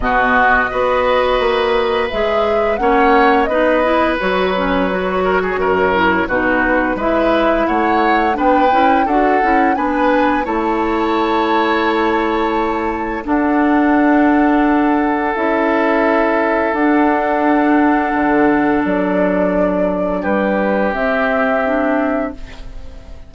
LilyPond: <<
  \new Staff \with { instrumentName = "flute" } { \time 4/4 \tempo 4 = 86 dis''2. e''4 | fis''4 dis''4 cis''2~ | cis''4 b'4 e''4 fis''4 | g''4 fis''4 gis''4 a''4~ |
a''2. fis''4~ | fis''2 e''2 | fis''2. d''4~ | d''4 b'4 e''2 | }
  \new Staff \with { instrumentName = "oboe" } { \time 4/4 fis'4 b'2. | cis''4 b'2~ b'8 ais'16 gis'16 | ais'4 fis'4 b'4 cis''4 | b'4 a'4 b'4 cis''4~ |
cis''2. a'4~ | a'1~ | a'1~ | a'4 g'2. | }
  \new Staff \with { instrumentName = "clarinet" } { \time 4/4 b4 fis'2 gis'4 | cis'4 dis'8 e'8 fis'8 cis'8 fis'4~ | fis'8 e'8 dis'4 e'2 | d'8 e'8 fis'8 e'8 d'4 e'4~ |
e'2. d'4~ | d'2 e'2 | d'1~ | d'2 c'4 d'4 | }
  \new Staff \with { instrumentName = "bassoon" } { \time 4/4 b,4 b4 ais4 gis4 | ais4 b4 fis2 | fis,4 b,4 gis4 a4 | b8 cis'8 d'8 cis'8 b4 a4~ |
a2. d'4~ | d'2 cis'2 | d'2 d4 fis4~ | fis4 g4 c'2 | }
>>